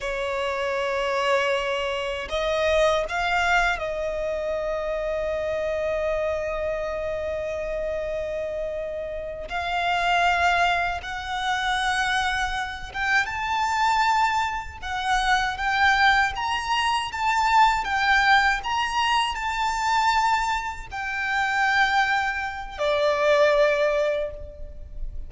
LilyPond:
\new Staff \with { instrumentName = "violin" } { \time 4/4 \tempo 4 = 79 cis''2. dis''4 | f''4 dis''2.~ | dis''1~ | dis''8 f''2 fis''4.~ |
fis''4 g''8 a''2 fis''8~ | fis''8 g''4 ais''4 a''4 g''8~ | g''8 ais''4 a''2 g''8~ | g''2 d''2 | }